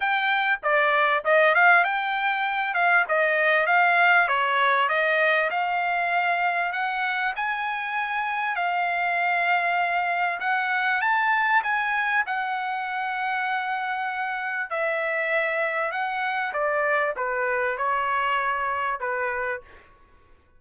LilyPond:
\new Staff \with { instrumentName = "trumpet" } { \time 4/4 \tempo 4 = 98 g''4 d''4 dis''8 f''8 g''4~ | g''8 f''8 dis''4 f''4 cis''4 | dis''4 f''2 fis''4 | gis''2 f''2~ |
f''4 fis''4 a''4 gis''4 | fis''1 | e''2 fis''4 d''4 | b'4 cis''2 b'4 | }